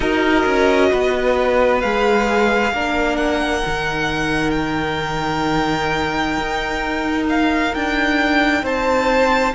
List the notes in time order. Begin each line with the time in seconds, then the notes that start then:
0.00 D#4 F#4 A#4 D#5
0.46 C#4
0.91 B3 B4
1.80 G#3 G#4 F5
2.72 A#3 D4 A#4
3.16 F#5
3.61 D#3 D#4
4.50 G5
6.37 D#4
7.29 F5
7.74 D4 G5
8.62 C4 C5 A5